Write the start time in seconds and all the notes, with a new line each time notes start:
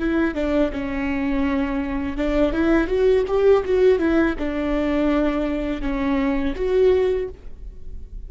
0.00 E4
0.35 D4
0.73 C#4
2.17 D4
2.53 E4
2.88 F#4
3.28 G4
3.66 F#4
3.99 E4
4.39 D4
5.82 C#4
6.56 F#4